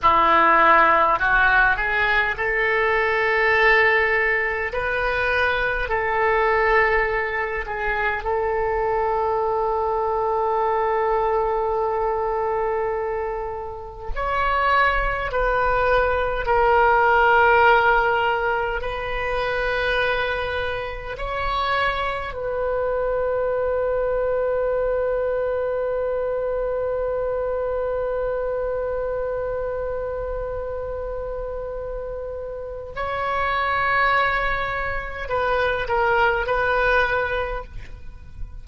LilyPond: \new Staff \with { instrumentName = "oboe" } { \time 4/4 \tempo 4 = 51 e'4 fis'8 gis'8 a'2 | b'4 a'4. gis'8 a'4~ | a'1 | cis''4 b'4 ais'2 |
b'2 cis''4 b'4~ | b'1~ | b'1 | cis''2 b'8 ais'8 b'4 | }